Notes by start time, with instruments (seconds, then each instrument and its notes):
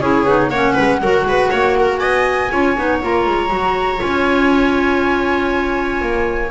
0.00 double bass C#4, clarinet E4, viola G#4, flute C#5
0.25 double bass B3, clarinet D#4
0.50 double bass A#3, clarinet C#4, viola C#5, flute F#5
0.74 double bass G#3, viola B4
1.02 double bass F#3, clarinet F#4, viola A#4
1.25 double bass G#3, viola B4
1.51 double bass A#3, viola C#5
1.79 viola A#4
1.98 double bass B3, viola D#5, flute G#5
2.51 double bass C#4, clarinet F4, viola C#5
2.77 double bass B3, clarinet D#4
3.02 double bass A#3, clarinet F4, flute A#5
3.27 double bass G#3
3.50 double bass F#3, clarinet F#4
3.98 double bass C#4, clarinet F4, flute G#5
6.02 double bass A#3